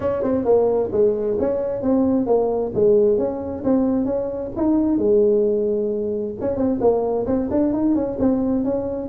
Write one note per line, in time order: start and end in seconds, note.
0.00 0.22 C#4
0.22 0.44 C4
0.44 0.90 A#3
0.92 1.37 G#3
1.39 1.82 C#4
1.82 2.26 C4
2.26 2.71 A#3
2.74 3.17 G#3
3.17 3.63 C#4
3.64 4.05 C4
4.05 4.50 C#4
4.56 4.98 D#4
4.98 6.34 G#3
6.40 6.56 C#4
6.56 6.79 C4
6.80 7.26 A#3
7.26 7.49 C4
7.50 7.73 D4
7.73 7.95 D#4
7.95 8.17 C#4
8.19 8.64 C4
8.64 9.08 C#4